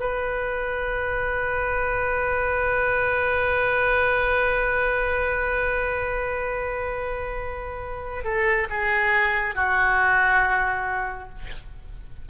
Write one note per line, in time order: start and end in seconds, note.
0.00 8.24 B4
8.24 8.68 A4
8.70 9.55 G#4
9.55 11.29 F#4